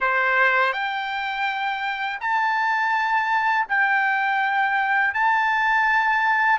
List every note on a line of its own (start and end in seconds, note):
0.00 0.72 C5
0.72 2.19 G5
2.20 3.67 A5
3.68 5.14 G5
5.14 6.59 A5